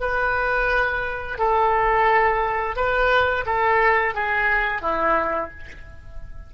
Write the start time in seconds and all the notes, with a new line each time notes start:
0.00 B4
1.38 A4
2.76 B4
3.46 A4
4.14 G#4
4.81 E4